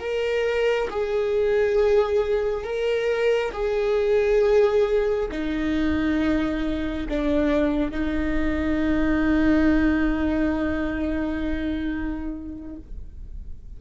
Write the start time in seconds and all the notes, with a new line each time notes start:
0.00 A#4
0.90 G#4
2.64 A#4
3.53 G#4
5.31 D#4
7.09 D4
7.91 D#4